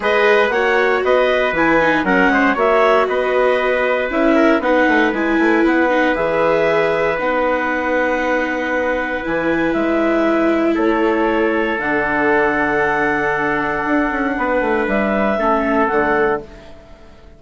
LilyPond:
<<
  \new Staff \with { instrumentName = "clarinet" } { \time 4/4 \tempo 4 = 117 dis''4 fis''4 dis''4 gis''4 | fis''4 e''4 dis''2 | e''4 fis''4 gis''4 fis''4 | e''2 fis''2~ |
fis''2 gis''4 e''4~ | e''4 cis''2 fis''4~ | fis''1~ | fis''4 e''2 fis''4 | }
  \new Staff \with { instrumentName = "trumpet" } { \time 4/4 b'4 cis''4 b'2 | ais'8 c''8 cis''4 b'2~ | b'8 ais'8 b'2.~ | b'1~ |
b'1~ | b'4 a'2.~ | a'1 | b'2 a'2 | }
  \new Staff \with { instrumentName = "viola" } { \time 4/4 gis'4 fis'2 e'8 dis'8 | cis'4 fis'2. | e'4 dis'4 e'4. dis'8 | gis'2 dis'2~ |
dis'2 e'2~ | e'2. d'4~ | d'1~ | d'2 cis'4 a4 | }
  \new Staff \with { instrumentName = "bassoon" } { \time 4/4 gis4 ais4 b4 e4 | fis8 gis8 ais4 b2 | cis'4 b8 a8 gis8 a8 b4 | e2 b2~ |
b2 e4 gis4~ | gis4 a2 d4~ | d2. d'8 cis'8 | b8 a8 g4 a4 d4 | }
>>